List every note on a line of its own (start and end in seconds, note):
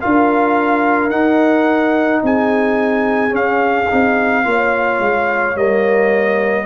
0.00 1.10 D4
0.00 1.11 F4
0.00 2.22 A#4
0.00 1.09 F5
1.09 2.21 D#4
1.09 3.29 D#4
1.09 2.21 F#5
2.22 3.31 C4
2.22 4.46 G#4
2.22 3.35 G#5
3.29 3.84 C#4
3.29 3.87 C#4
3.35 5.56 F5
3.89 4.44 C4
3.89 4.44 D#4
4.44 4.99 A#3
4.44 5.55 F4
4.44 6.65 C#5
4.99 5.55 G#3
5.55 6.65 G3
5.55 6.65 A#3
5.55 6.65 D#5